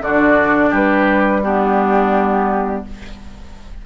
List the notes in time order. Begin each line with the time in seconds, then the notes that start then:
0.00 D3 D4 F#4 D5
0.70 G3 G4 B4
1.43 B3 D4 G4